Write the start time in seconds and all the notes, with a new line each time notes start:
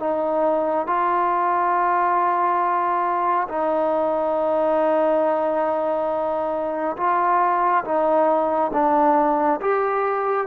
0.00 D#4
0.87 F4
3.49 D#4
6.97 F4
7.85 D#4
8.74 D4
9.61 G4